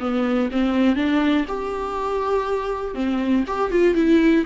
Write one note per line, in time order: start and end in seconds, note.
0.00 0.50 B3
0.52 0.96 C4
0.96 1.46 D4
1.48 2.95 G4
2.95 3.45 C4
3.47 3.71 G4
3.71 3.95 F4
3.95 4.45 E4